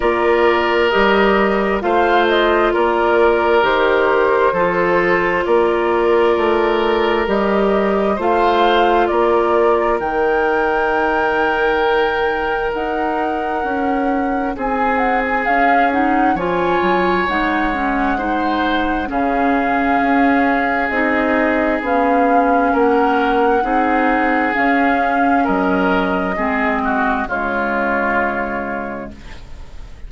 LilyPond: <<
  \new Staff \with { instrumentName = "flute" } { \time 4/4 \tempo 4 = 66 d''4 dis''4 f''8 dis''8 d''4 | c''2 d''2 | dis''4 f''4 d''4 g''4~ | g''2 fis''2 |
gis''8 fis''16 gis''16 f''8 fis''8 gis''4 fis''4~ | fis''4 f''2 dis''4 | f''4 fis''2 f''4 | dis''2 cis''2 | }
  \new Staff \with { instrumentName = "oboe" } { \time 4/4 ais'2 c''4 ais'4~ | ais'4 a'4 ais'2~ | ais'4 c''4 ais'2~ | ais'1 |
gis'2 cis''2 | c''4 gis'2.~ | gis'4 ais'4 gis'2 | ais'4 gis'8 fis'8 f'2 | }
  \new Staff \with { instrumentName = "clarinet" } { \time 4/4 f'4 g'4 f'2 | g'4 f'2. | g'4 f'2 dis'4~ | dis'1~ |
dis'4 cis'8 dis'8 f'4 dis'8 cis'8 | dis'4 cis'2 dis'4 | cis'2 dis'4 cis'4~ | cis'4 c'4 gis2 | }
  \new Staff \with { instrumentName = "bassoon" } { \time 4/4 ais4 g4 a4 ais4 | dis4 f4 ais4 a4 | g4 a4 ais4 dis4~ | dis2 dis'4 cis'4 |
c'4 cis'4 f8 fis8 gis4~ | gis4 cis4 cis'4 c'4 | b4 ais4 c'4 cis'4 | fis4 gis4 cis2 | }
>>